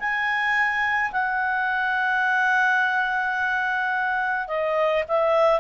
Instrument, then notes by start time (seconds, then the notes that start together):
clarinet
0.00 G#5
1.12 F#5
4.48 D#5
5.08 E5